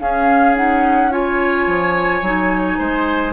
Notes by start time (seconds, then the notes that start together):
0.00 C#4 G#4 F5
0.56 D#4 F#5
1.11 F4 C#5 G#5
1.67 F3
2.22 F#3 D#4
2.78 G#3 C5